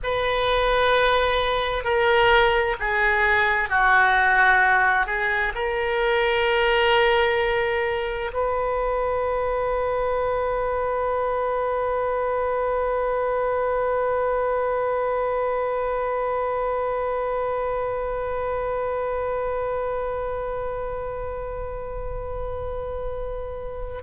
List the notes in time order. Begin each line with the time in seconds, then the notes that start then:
0.03 B4
1.83 A#4
2.79 G#4
3.69 F#4
5.06 G#4
5.54 A#4
8.33 B4